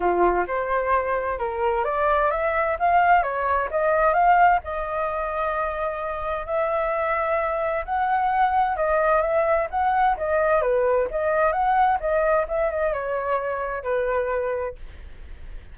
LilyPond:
\new Staff \with { instrumentName = "flute" } { \time 4/4 \tempo 4 = 130 f'4 c''2 ais'4 | d''4 e''4 f''4 cis''4 | dis''4 f''4 dis''2~ | dis''2 e''2~ |
e''4 fis''2 dis''4 | e''4 fis''4 dis''4 b'4 | dis''4 fis''4 dis''4 e''8 dis''8 | cis''2 b'2 | }